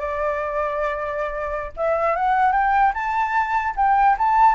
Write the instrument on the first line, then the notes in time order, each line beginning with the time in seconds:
flute
0.00 D5
1.77 E5
2.16 F#5
2.53 G5
2.94 A5
3.77 G5
4.18 A5